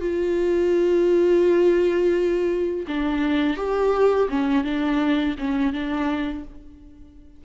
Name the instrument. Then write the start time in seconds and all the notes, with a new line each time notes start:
viola
0.00 F4
2.87 D4
3.56 G4
4.28 C#4
4.64 D4
5.38 C#4
5.72 D4